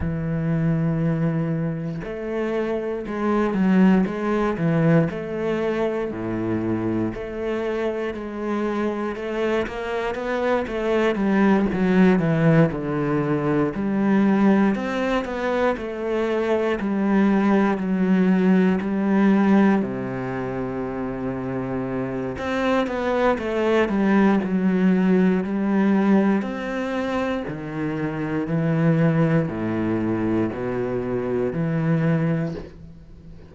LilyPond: \new Staff \with { instrumentName = "cello" } { \time 4/4 \tempo 4 = 59 e2 a4 gis8 fis8 | gis8 e8 a4 a,4 a4 | gis4 a8 ais8 b8 a8 g8 fis8 | e8 d4 g4 c'8 b8 a8~ |
a8 g4 fis4 g4 c8~ | c2 c'8 b8 a8 g8 | fis4 g4 c'4 dis4 | e4 a,4 b,4 e4 | }